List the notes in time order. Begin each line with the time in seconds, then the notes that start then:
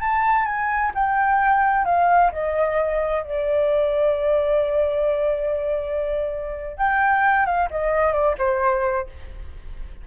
0.00 A5
0.45 G#5
0.94 G5
1.85 F5
2.32 D#5
3.23 D5
6.77 G5
7.45 F5
7.71 D#5
8.12 D5
8.38 C5